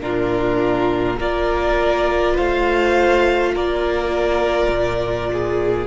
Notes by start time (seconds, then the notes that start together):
0.00 A#2 D4 F4 A#4
1.17 A#3 F4 A#4 D5
2.34 A3 C5 F5
3.54 A#3 A#4 D5
4.68 A#2
5.33 G#4